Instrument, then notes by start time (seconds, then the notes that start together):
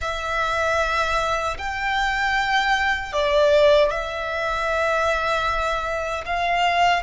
violin
0.01 E5
1.58 G5
3.12 D5
3.90 E5
6.25 F5